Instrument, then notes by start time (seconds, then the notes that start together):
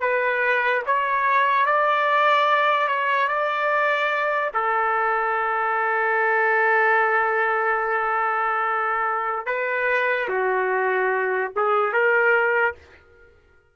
trumpet
0.00 B4
0.86 C#5
1.66 D5
2.87 C#5
3.27 D5
4.53 A4
9.46 B4
10.28 F#4
11.55 G#4
11.93 A#4